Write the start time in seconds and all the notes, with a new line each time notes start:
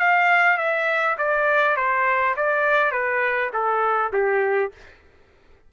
0.00 F5
0.57 E5
1.18 D5
1.77 C5
2.37 D5
2.92 B4
3.53 A4
4.13 G4